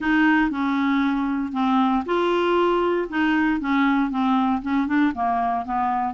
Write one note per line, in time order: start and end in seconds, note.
0.00 0.50 D#4
0.50 1.52 C#4
1.52 2.03 C4
2.05 3.08 F4
3.09 3.60 D#4
3.60 4.10 C#4
4.10 4.61 C4
4.62 4.87 C#4
4.87 5.12 D4
5.14 5.65 A#3
5.65 6.13 B3